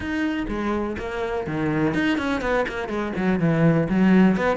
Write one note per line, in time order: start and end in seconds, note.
0.00 0.46 D#4
0.48 0.96 G#3
0.98 1.46 A#3
1.46 1.94 D#3
1.94 2.18 D#4
2.18 2.41 C#4
2.41 2.65 B3
2.68 2.88 A#3
2.88 3.12 G#3
3.16 3.39 F#3
3.39 3.88 E3
3.89 4.36 F#3
4.36 4.56 B3